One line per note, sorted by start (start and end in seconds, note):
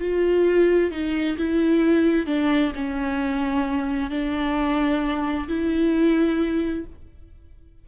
0.00 0.91 F4
0.91 1.37 D#4
1.38 2.27 E4
2.27 2.72 D4
2.75 4.11 C#4
4.11 5.48 D4
5.48 6.86 E4